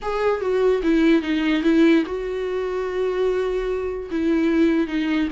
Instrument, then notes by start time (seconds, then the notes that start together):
viola
0.01 G#4
0.40 F#4
0.83 E4
1.22 D#4
1.63 E4
2.06 F#4
4.10 E4
4.87 D#4